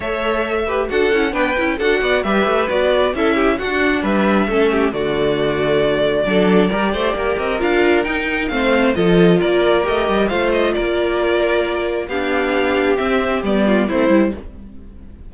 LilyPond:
<<
  \new Staff \with { instrumentName = "violin" } { \time 4/4 \tempo 4 = 134 e''2 fis''4 g''4 | fis''4 e''4 d''4 e''4 | fis''4 e''2 d''4~ | d''1~ |
d''8 dis''8 f''4 g''4 f''4 | dis''4 d''4 dis''4 f''8 dis''8 | d''2. f''4~ | f''4 e''4 d''4 c''4 | }
  \new Staff \with { instrumentName = "violin" } { \time 4/4 cis''4. b'8 a'4 b'4 | a'8 d''8 b'2 a'8 g'8 | fis'4 b'4 a'8 g'8 fis'4~ | fis'2 a'4 ais'8 c''8 |
ais'2. c''4 | a'4 ais'2 c''4 | ais'2. g'4~ | g'2~ g'8 f'8 e'4 | }
  \new Staff \with { instrumentName = "viola" } { \time 4/4 a'4. g'8 fis'8 e'8 d'8 e'8 | fis'4 g'4 fis'4 e'4 | d'2 cis'4 a4~ | a2 d'4 g'4~ |
g'4 f'4 dis'4 c'4 | f'2 g'4 f'4~ | f'2. d'4~ | d'4 c'4 b4 c'8 e'8 | }
  \new Staff \with { instrumentName = "cello" } { \time 4/4 a2 d'8 cis'8 b8 cis'8 | d'8 b8 g8 a8 b4 cis'4 | d'4 g4 a4 d4~ | d2 fis4 g8 a8 |
ais8 c'8 d'4 dis'4 a4 | f4 ais4 a8 g8 a4 | ais2. b4~ | b4 c'4 g4 a8 g8 | }
>>